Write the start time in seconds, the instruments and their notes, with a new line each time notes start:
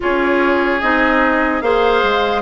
0.00 bassoon C#4, clarinet F4, oboe G#4, flute C#5
0.80 bassoon C4, clarinet D#4, flute D#5
1.61 bassoon A#3, clarinet G#4, oboe C5, flute F5
2.03 bassoon G#3